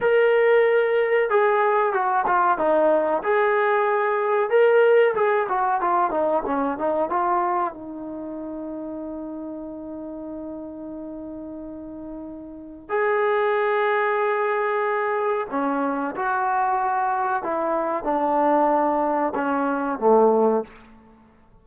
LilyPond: \new Staff \with { instrumentName = "trombone" } { \time 4/4 \tempo 4 = 93 ais'2 gis'4 fis'8 f'8 | dis'4 gis'2 ais'4 | gis'8 fis'8 f'8 dis'8 cis'8 dis'8 f'4 | dis'1~ |
dis'1 | gis'1 | cis'4 fis'2 e'4 | d'2 cis'4 a4 | }